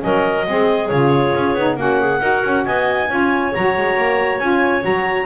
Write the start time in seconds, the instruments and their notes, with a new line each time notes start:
0.00 double bass F#3, saxophone C#4, clarinet A#4 D#5
0.46 double bass G#3, saxophone C4, clarinet G#4
0.89 double bass C#3, saxophone F4, clarinet C#5
1.35 double bass C#4
1.54 double bass B3, saxophone D#4
1.76 double bass A#3, saxophone C#4, clarinet F#4 F#5
2.00 clarinet G#4
2.19 double bass D#4, saxophone F#4, clarinet A#4
2.44 double bass C#4
2.65 double bass B3, clarinet D#5 G#5
3.08 double bass C#4, saxophone F4, clarinet C#5
3.53 double bass F#3, saxophone F#4, clarinet A#5
3.77 double bass G#3
3.97 double bass A#3
4.39 double bass C#4, saxophone F4, clarinet G#5
4.81 double bass F#3, saxophone F#4, clarinet A#5